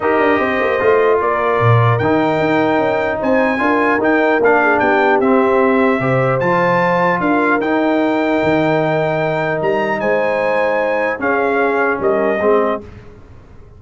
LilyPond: <<
  \new Staff \with { instrumentName = "trumpet" } { \time 4/4 \tempo 4 = 150 dis''2. d''4~ | d''4 g''2. | gis''2 g''4 f''4 | g''4 e''2. |
a''2 f''4 g''4~ | g''1 | ais''4 gis''2. | f''2 dis''2 | }
  \new Staff \with { instrumentName = "horn" } { \time 4/4 ais'4 c''2 ais'4~ | ais'1 | c''4 ais'2~ ais'8 gis'8 | g'2. c''4~ |
c''2 ais'2~ | ais'1~ | ais'4 c''2. | gis'2 ais'4 gis'4 | }
  \new Staff \with { instrumentName = "trombone" } { \time 4/4 g'2 f'2~ | f'4 dis'2.~ | dis'4 f'4 dis'4 d'4~ | d'4 c'2 g'4 |
f'2. dis'4~ | dis'1~ | dis'1 | cis'2. c'4 | }
  \new Staff \with { instrumentName = "tuba" } { \time 4/4 dis'8 d'8 c'8 ais8 a4 ais4 | ais,4 dis4 dis'4 cis'4 | c'4 d'4 dis'4 ais4 | b4 c'2 c4 |
f2 d'4 dis'4~ | dis'4 dis2. | g4 gis2. | cis'2 g4 gis4 | }
>>